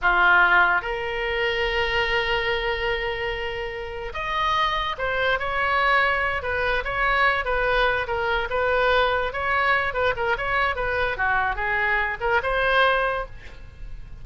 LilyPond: \new Staff \with { instrumentName = "oboe" } { \time 4/4 \tempo 4 = 145 f'2 ais'2~ | ais'1~ | ais'2 dis''2 | c''4 cis''2~ cis''8 b'8~ |
b'8 cis''4. b'4. ais'8~ | ais'8 b'2 cis''4. | b'8 ais'8 cis''4 b'4 fis'4 | gis'4. ais'8 c''2 | }